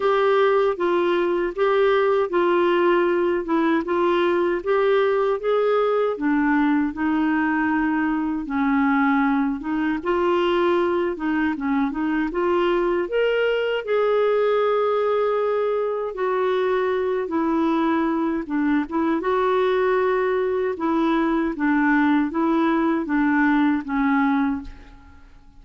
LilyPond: \new Staff \with { instrumentName = "clarinet" } { \time 4/4 \tempo 4 = 78 g'4 f'4 g'4 f'4~ | f'8 e'8 f'4 g'4 gis'4 | d'4 dis'2 cis'4~ | cis'8 dis'8 f'4. dis'8 cis'8 dis'8 |
f'4 ais'4 gis'2~ | gis'4 fis'4. e'4. | d'8 e'8 fis'2 e'4 | d'4 e'4 d'4 cis'4 | }